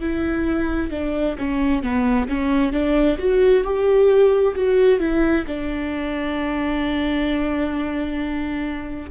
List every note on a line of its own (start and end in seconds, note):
0.00 0.90 E4
0.90 1.36 D4
1.38 1.83 C#4
1.83 2.28 B3
2.29 2.72 C#4
2.72 3.18 D4
3.18 3.64 F#4
3.64 4.55 G4
4.55 5.00 F#4
5.00 5.45 E4
5.47 9.11 D4